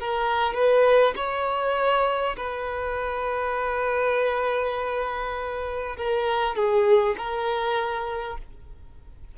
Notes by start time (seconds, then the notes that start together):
0.00 A#4
0.54 B4
1.17 C#5
2.37 B4
5.97 A#4
6.56 G#4
7.18 A#4